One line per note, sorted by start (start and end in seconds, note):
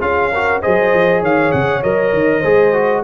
0.00 0.61 C#4
0.00 0.30 F4
0.00 0.32 G#4
0.00 0.62 F5
0.32 0.62 F#4
0.32 0.61 A#4
0.61 0.94 F#3
0.61 1.83 G#4
0.61 1.21 C5
0.61 1.22 D#5
0.94 1.22 F3
1.21 1.52 D#3
1.21 2.40 C#5
1.21 1.52 F5
1.52 1.83 C#3
1.52 1.82 F#5
1.83 2.12 F#3
1.83 2.43 A#4
1.83 3.03 D#5
2.12 2.43 D#3
2.40 3.03 G#3
2.40 2.73 G#4
2.40 3.01 C5
2.73 3.03 F#4